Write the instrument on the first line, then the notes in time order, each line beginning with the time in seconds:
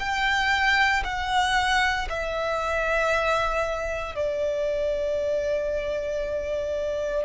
violin
0.00 G5
1.05 F#5
2.10 E5
4.16 D5